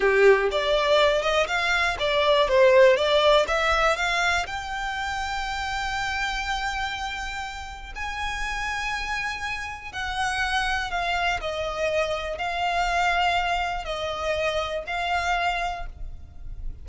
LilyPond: \new Staff \with { instrumentName = "violin" } { \time 4/4 \tempo 4 = 121 g'4 d''4. dis''8 f''4 | d''4 c''4 d''4 e''4 | f''4 g''2.~ | g''1 |
gis''1 | fis''2 f''4 dis''4~ | dis''4 f''2. | dis''2 f''2 | }